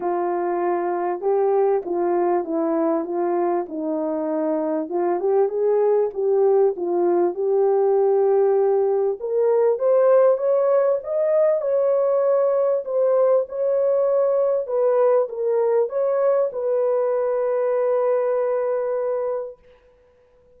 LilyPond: \new Staff \with { instrumentName = "horn" } { \time 4/4 \tempo 4 = 98 f'2 g'4 f'4 | e'4 f'4 dis'2 | f'8 g'8 gis'4 g'4 f'4 | g'2. ais'4 |
c''4 cis''4 dis''4 cis''4~ | cis''4 c''4 cis''2 | b'4 ais'4 cis''4 b'4~ | b'1 | }